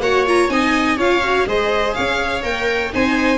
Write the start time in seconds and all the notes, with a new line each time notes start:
0.00 A#3 F#4 C#5 F#5
0.26 F4 A#5
0.49 C4 D#4 D#5 G#5
0.96 C#4 F4 C#5 F5
1.23 F#4
1.46 G#3 G#4 C5 D#5
1.94 C#4 C#5 F5
2.42 A#3 A#4 G5
2.92 C4 D#4 C5 G#5